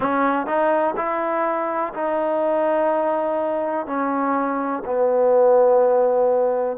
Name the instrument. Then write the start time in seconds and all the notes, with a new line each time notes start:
trombone
0.00 C#4
0.46 D#4
0.96 E4
1.94 D#4
3.86 C#4
4.85 B3